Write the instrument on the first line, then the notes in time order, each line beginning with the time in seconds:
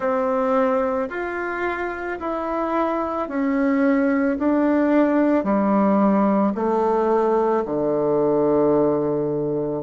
bassoon
0.00 C4
1.09 F4
2.19 E4
3.28 C#4
4.38 D4
5.43 G3
6.55 A3
7.65 D3